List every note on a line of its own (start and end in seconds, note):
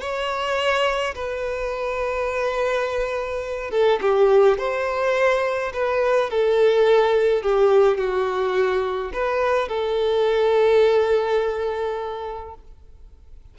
0.00 1.14 C#5
1.15 3.71 B4
3.71 3.99 A4
4.01 4.58 G4
4.58 5.72 C5
5.73 6.30 B4
6.30 7.42 A4
7.42 7.97 G4
7.97 9.11 F#4
9.13 9.68 B4
9.68 12.54 A4